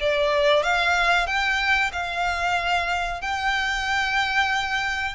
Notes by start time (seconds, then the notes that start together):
0.00 D5
0.63 F5
1.26 G5
1.92 F5
3.21 G5